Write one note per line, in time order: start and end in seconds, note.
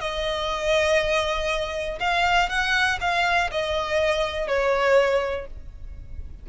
0.00 1.98 D#5
2.00 2.49 F5
2.49 2.98 F#5
3.01 3.50 F5
3.51 4.47 D#5
4.47 5.47 C#5